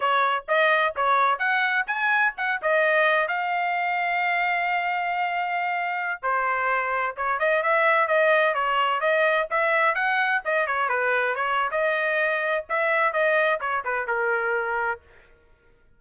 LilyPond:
\new Staff \with { instrumentName = "trumpet" } { \time 4/4 \tempo 4 = 128 cis''4 dis''4 cis''4 fis''4 | gis''4 fis''8 dis''4. f''4~ | f''1~ | f''4~ f''16 c''2 cis''8 dis''16~ |
dis''16 e''4 dis''4 cis''4 dis''8.~ | dis''16 e''4 fis''4 dis''8 cis''8 b'8.~ | b'16 cis''8. dis''2 e''4 | dis''4 cis''8 b'8 ais'2 | }